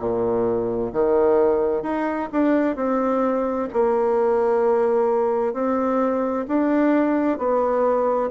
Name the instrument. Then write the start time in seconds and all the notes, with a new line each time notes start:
bassoon
0.00 A#2
0.93 D#3
1.83 D#4
2.33 D4
2.77 C4
3.73 A#3
5.54 C4
6.48 D4
7.38 B3